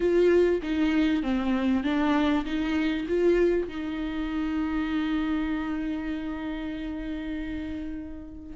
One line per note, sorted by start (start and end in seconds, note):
0.00 0.61 F4
0.62 1.22 D#4
1.22 1.83 C4
1.83 2.44 D4
2.45 3.06 D#4
3.08 3.68 F4
3.68 8.56 D#4